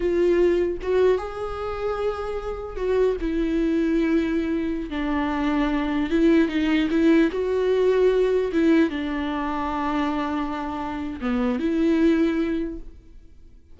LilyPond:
\new Staff \with { instrumentName = "viola" } { \time 4/4 \tempo 4 = 150 f'2 fis'4 gis'4~ | gis'2. fis'4 | e'1~ | e'16 d'2. e'8.~ |
e'16 dis'4 e'4 fis'4.~ fis'16~ | fis'4~ fis'16 e'4 d'4.~ d'16~ | d'1 | b4 e'2. | }